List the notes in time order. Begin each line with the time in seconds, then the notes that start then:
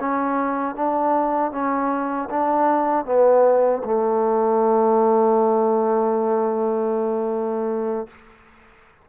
0.00 C#4
0.75 D4
1.52 C#4
2.30 D4
3.05 B3
3.85 A3